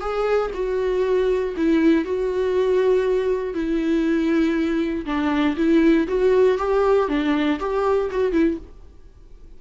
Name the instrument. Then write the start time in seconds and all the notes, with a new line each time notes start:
viola
0.00 G#4
0.54 F#4
1.57 E4
2.04 F#4
3.54 E4
5.05 D4
5.56 E4
6.07 F#4
6.58 G4
7.08 D4
7.60 G4
8.11 F#4
8.32 E4